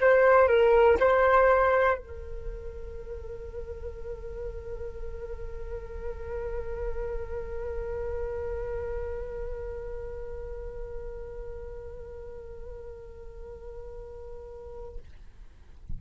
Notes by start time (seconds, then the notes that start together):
0.00 C5
0.48 A#4
1.00 C5
1.98 A#4